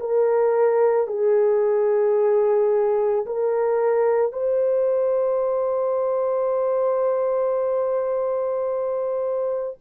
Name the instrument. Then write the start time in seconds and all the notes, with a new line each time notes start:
horn
0.00 A#4
1.08 G#4
3.26 A#4
4.32 C5